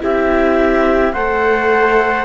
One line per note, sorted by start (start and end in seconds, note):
0.00 1.13 C4
0.00 1.13 E4
0.00 1.14 G4
0.00 1.13 E5
1.13 2.25 A3
1.13 2.25 A4
1.13 2.25 C5
1.13 2.25 F#5